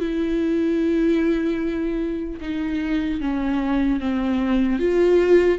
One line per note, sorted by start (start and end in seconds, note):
0.00 2.40 E4
2.41 3.21 D#4
3.21 4.00 C#4
4.00 4.79 C4
4.79 5.59 F4